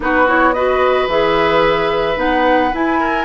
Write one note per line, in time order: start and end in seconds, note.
0.00 1.07 B3
0.00 0.25 D#4
0.00 0.55 F#4
0.00 0.28 B4
0.26 0.54 E4
0.26 0.53 C#5
0.53 1.09 F#4
0.53 2.99 B4
0.53 1.07 D#5
1.07 2.16 E3
1.07 2.15 G#4
1.07 2.19 E5
2.15 2.71 B3
2.15 2.70 D#4
2.15 2.74 F#5
2.73 3.25 E4
2.73 3.25 G#5
2.99 3.25 A#4